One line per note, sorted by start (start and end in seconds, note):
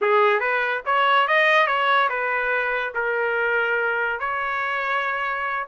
0.01 0.39 G#4
0.39 0.81 B4
0.85 1.27 C#5
1.27 1.66 D#5
1.66 2.08 C#5
2.09 2.93 B4
2.94 4.19 A#4
4.19 5.66 C#5